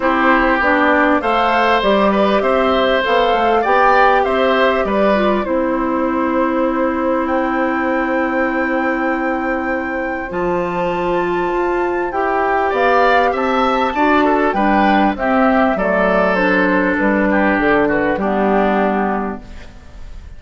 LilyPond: <<
  \new Staff \with { instrumentName = "flute" } { \time 4/4 \tempo 4 = 99 c''4 d''4 f''4 d''4 | e''4 f''4 g''4 e''4 | d''4 c''2. | g''1~ |
g''4 a''2. | g''4 f''4 a''2 | g''4 e''4 d''4 c''4 | b'4 a'8 b'8 g'2 | }
  \new Staff \with { instrumentName = "oboe" } { \time 4/4 g'2 c''4. b'8 | c''2 d''4 c''4 | b'4 c''2.~ | c''1~ |
c''1~ | c''4 d''4 e''4 d''8 a'8 | b'4 g'4 a'2~ | a'8 g'4 fis'8 d'2 | }
  \new Staff \with { instrumentName = "clarinet" } { \time 4/4 e'4 d'4 a'4 g'4~ | g'4 a'4 g'2~ | g'8 f'8 e'2.~ | e'1~ |
e'4 f'2. | g'2. fis'4 | d'4 c'4 a4 d'4~ | d'2 b2 | }
  \new Staff \with { instrumentName = "bassoon" } { \time 4/4 c'4 b4 a4 g4 | c'4 b8 a8 b4 c'4 | g4 c'2.~ | c'1~ |
c'4 f2 f'4 | e'4 b4 c'4 d'4 | g4 c'4 fis2 | g4 d4 g2 | }
>>